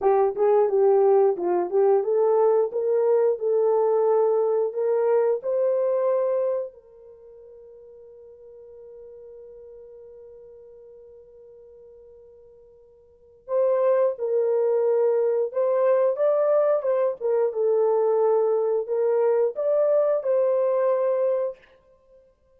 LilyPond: \new Staff \with { instrumentName = "horn" } { \time 4/4 \tempo 4 = 89 g'8 gis'8 g'4 f'8 g'8 a'4 | ais'4 a'2 ais'4 | c''2 ais'2~ | ais'1~ |
ais'1 | c''4 ais'2 c''4 | d''4 c''8 ais'8 a'2 | ais'4 d''4 c''2 | }